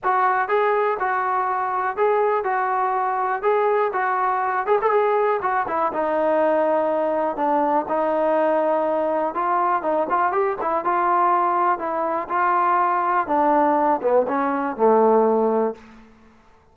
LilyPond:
\new Staff \with { instrumentName = "trombone" } { \time 4/4 \tempo 4 = 122 fis'4 gis'4 fis'2 | gis'4 fis'2 gis'4 | fis'4. gis'16 a'16 gis'4 fis'8 e'8 | dis'2. d'4 |
dis'2. f'4 | dis'8 f'8 g'8 e'8 f'2 | e'4 f'2 d'4~ | d'8 b8 cis'4 a2 | }